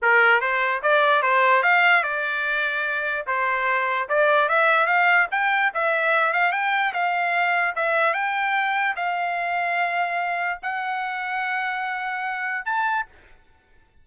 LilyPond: \new Staff \with { instrumentName = "trumpet" } { \time 4/4 \tempo 4 = 147 ais'4 c''4 d''4 c''4 | f''4 d''2. | c''2 d''4 e''4 | f''4 g''4 e''4. f''8 |
g''4 f''2 e''4 | g''2 f''2~ | f''2 fis''2~ | fis''2. a''4 | }